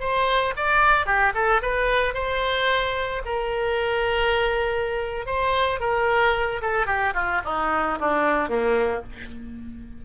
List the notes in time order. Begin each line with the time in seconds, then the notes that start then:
0.00 C5
0.57 D5
1.06 G4
1.34 A4
1.62 B4
2.14 C5
3.25 A#4
5.26 C5
5.80 A#4
6.61 A4
6.86 G4
7.14 F4
7.45 D#4
8.00 D4
8.49 A#3